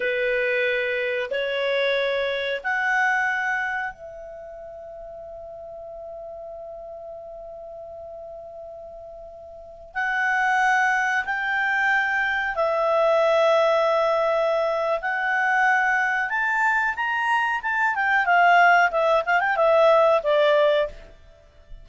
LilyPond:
\new Staff \with { instrumentName = "clarinet" } { \time 4/4 \tempo 4 = 92 b'2 cis''2 | fis''2 e''2~ | e''1~ | e''2.~ e''16 fis''8.~ |
fis''4~ fis''16 g''2 e''8.~ | e''2. fis''4~ | fis''4 a''4 ais''4 a''8 g''8 | f''4 e''8 f''16 g''16 e''4 d''4 | }